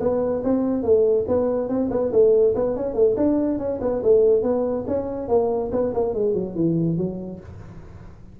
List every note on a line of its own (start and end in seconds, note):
0.00 0.42 B3
0.43 0.83 C4
0.83 1.25 A3
1.28 1.68 B3
1.68 1.90 C4
1.90 2.11 B3
2.12 2.54 A3
2.55 2.76 B3
2.76 2.94 C#4
2.94 3.15 A3
3.16 3.58 D4
3.58 3.79 C#4
3.81 4.02 B3
4.03 4.42 A3
4.42 4.85 B3
4.87 5.28 C#4
5.28 5.70 A#3
5.71 5.93 B3
5.94 6.14 A#3
6.14 6.34 G#3
6.34 6.55 F#3
6.55 6.97 E3
6.97 7.39 F#3